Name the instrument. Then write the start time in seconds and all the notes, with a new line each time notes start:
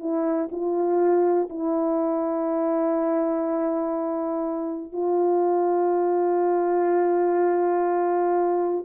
horn
0.00 E4
0.52 F4
1.50 E4
4.93 F4